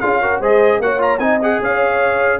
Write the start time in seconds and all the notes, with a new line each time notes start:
0.00 C#4 F4 G#4 F5
0.21 F#4 A#4
0.40 G#3 G#4 C5 D#5
0.79 A#3 F#4 C#5 F#5
0.99 F4 A#5
1.19 C4 D#4 D#5 G#5
1.42 G#4 F#5
1.62 C#4 C#5 F5